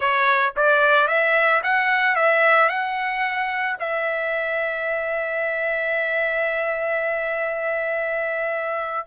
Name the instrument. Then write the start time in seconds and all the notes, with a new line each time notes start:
trumpet
0.00 C#5
0.56 D5
1.07 E5
1.63 F#5
2.15 E5
2.68 F#5
3.79 E5